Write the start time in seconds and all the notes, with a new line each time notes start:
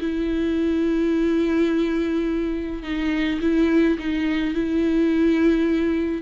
0.00 E4
2.83 D#4
3.41 E4
3.98 D#4
4.54 E4